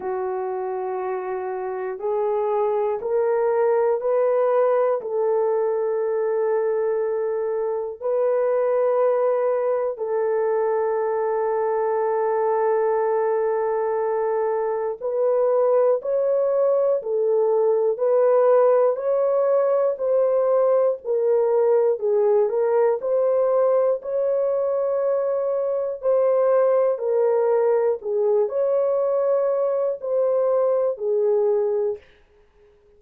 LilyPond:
\new Staff \with { instrumentName = "horn" } { \time 4/4 \tempo 4 = 60 fis'2 gis'4 ais'4 | b'4 a'2. | b'2 a'2~ | a'2. b'4 |
cis''4 a'4 b'4 cis''4 | c''4 ais'4 gis'8 ais'8 c''4 | cis''2 c''4 ais'4 | gis'8 cis''4. c''4 gis'4 | }